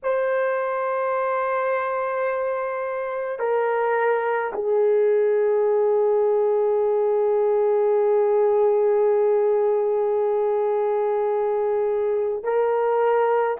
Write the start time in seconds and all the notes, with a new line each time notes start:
0.03 C5
3.39 A#4
4.53 G#4
12.43 A#4